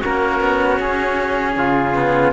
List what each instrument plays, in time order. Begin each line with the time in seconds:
0.00 cello C#4, trumpet F#4, oboe A#4
0.06 cello A#3
0.40 cello B3
0.80 cello C#4, oboe G#4
1.57 cello C#3, trumpet F4
1.94 cello B3